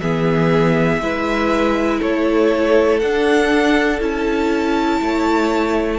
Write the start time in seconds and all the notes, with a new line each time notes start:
0.00 E3 B3 G#4 E5
1.00 G#3 E4 B4
1.99 A3 A4 C#5
2.99 D4 F#5
4.00 C#4 E4 A5
5.01 A3 C#5